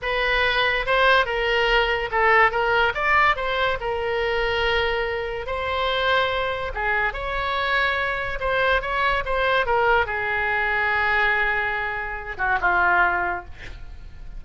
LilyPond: \new Staff \with { instrumentName = "oboe" } { \time 4/4 \tempo 4 = 143 b'2 c''4 ais'4~ | ais'4 a'4 ais'4 d''4 | c''4 ais'2.~ | ais'4 c''2. |
gis'4 cis''2. | c''4 cis''4 c''4 ais'4 | gis'1~ | gis'4. fis'8 f'2 | }